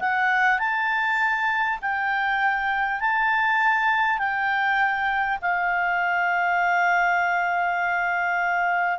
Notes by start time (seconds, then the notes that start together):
0.00 F#5
0.59 A5
1.82 G5
3.01 A5
4.19 G5
5.42 F5